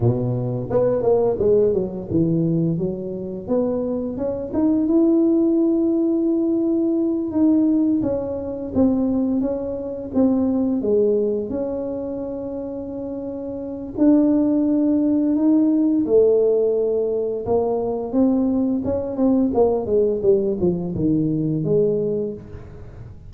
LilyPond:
\new Staff \with { instrumentName = "tuba" } { \time 4/4 \tempo 4 = 86 b,4 b8 ais8 gis8 fis8 e4 | fis4 b4 cis'8 dis'8 e'4~ | e'2~ e'8 dis'4 cis'8~ | cis'8 c'4 cis'4 c'4 gis8~ |
gis8 cis'2.~ cis'8 | d'2 dis'4 a4~ | a4 ais4 c'4 cis'8 c'8 | ais8 gis8 g8 f8 dis4 gis4 | }